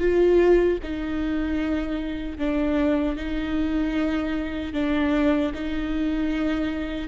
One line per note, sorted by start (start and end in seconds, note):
0.00 0.79 F4
0.83 2.38 D#4
2.38 3.17 D4
3.17 4.74 D#4
4.74 5.53 D4
5.55 7.09 D#4